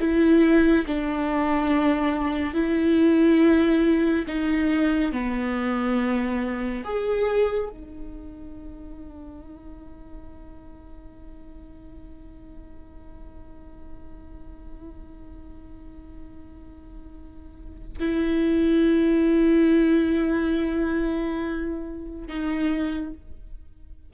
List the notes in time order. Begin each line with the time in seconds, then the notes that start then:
0.00 E4
0.87 D4
2.54 E4
4.27 D#4
5.12 B3
6.84 G#4
7.69 D#4
18.00 E4
22.27 D#4